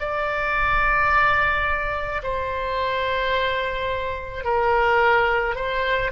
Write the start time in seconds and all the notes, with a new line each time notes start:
0.00 D5
2.23 C5
4.45 A#4
5.56 C5